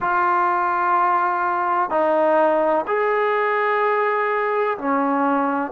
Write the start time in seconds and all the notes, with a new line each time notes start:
0.00 F4
1.90 D#4
2.87 G#4
4.78 C#4